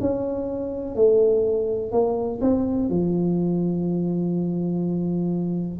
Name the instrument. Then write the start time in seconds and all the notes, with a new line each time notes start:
tuba
0.00 C#4
0.95 A3
1.92 A#3
2.41 C4
2.89 F3